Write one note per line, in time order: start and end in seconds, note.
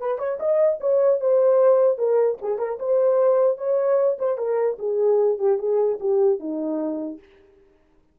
0.00 0.19 B4
0.19 0.39 C#5
0.40 0.80 D#5
0.81 1.20 C#5
1.20 1.98 C5
1.98 2.38 A#4
2.42 2.59 G#4
2.59 2.79 A#4
2.79 3.58 C5
3.58 4.18 C#5
4.19 4.38 C5
4.38 4.78 A#4
4.79 5.39 G#4
5.39 5.59 G4
5.59 5.99 G#4
6.00 6.40 G4
6.40 7.20 D#4